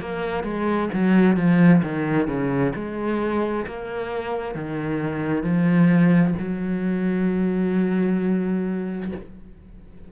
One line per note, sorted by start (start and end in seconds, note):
0.00 0.43 A#3
0.43 0.88 G#3
0.93 1.36 F#3
1.36 1.81 F3
1.82 2.27 D#3
2.27 2.73 C#3
2.75 3.66 G#3
3.66 4.55 A#3
4.55 5.43 D#3
5.43 6.34 F3
6.38 9.11 F#3